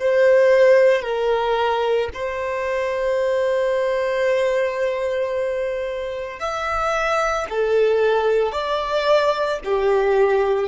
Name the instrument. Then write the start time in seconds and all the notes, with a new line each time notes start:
violin
0.00 C5
1.02 A#4
2.14 C5
6.40 E5
7.50 A4
8.52 D5
9.65 G4